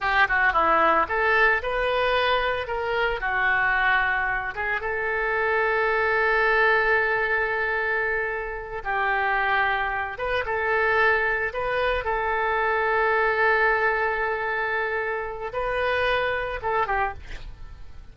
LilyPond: \new Staff \with { instrumentName = "oboe" } { \time 4/4 \tempo 4 = 112 g'8 fis'8 e'4 a'4 b'4~ | b'4 ais'4 fis'2~ | fis'8 gis'8 a'2.~ | a'1~ |
a'8 g'2~ g'8 b'8 a'8~ | a'4. b'4 a'4.~ | a'1~ | a'4 b'2 a'8 g'8 | }